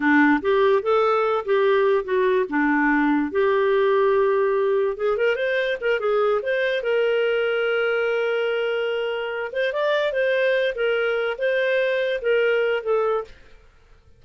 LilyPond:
\new Staff \with { instrumentName = "clarinet" } { \time 4/4 \tempo 4 = 145 d'4 g'4 a'4. g'8~ | g'4 fis'4 d'2 | g'1 | gis'8 ais'8 c''4 ais'8 gis'4 c''8~ |
c''8 ais'2.~ ais'8~ | ais'2. c''8 d''8~ | d''8 c''4. ais'4. c''8~ | c''4. ais'4. a'4 | }